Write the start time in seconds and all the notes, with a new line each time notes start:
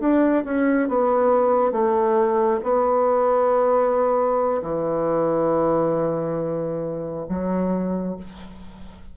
0.00 D4
0.45 C#4
0.89 B3
1.72 A3
2.64 B3
4.62 E3
7.28 F#3